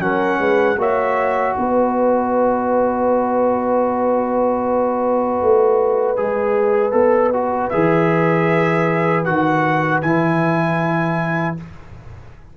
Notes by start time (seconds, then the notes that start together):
0.00 F#3 C#4 A#4 F#5
0.40 G#3 B4
0.78 A#3 F#4 C#5 E5
1.57 B3 B4 D#5
5.42 A3
6.17 G#3 G#4
6.92 B3 A4
7.33 F#4
7.70 E3 G#4 E5
9.25 D#3 F#4 F#5
10.02 E3 E4 G#5